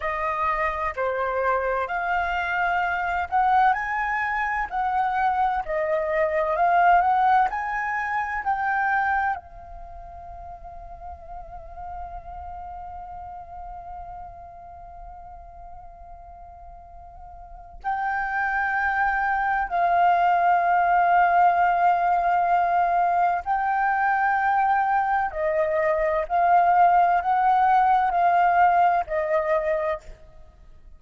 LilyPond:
\new Staff \with { instrumentName = "flute" } { \time 4/4 \tempo 4 = 64 dis''4 c''4 f''4. fis''8 | gis''4 fis''4 dis''4 f''8 fis''8 | gis''4 g''4 f''2~ | f''1~ |
f''2. g''4~ | g''4 f''2.~ | f''4 g''2 dis''4 | f''4 fis''4 f''4 dis''4 | }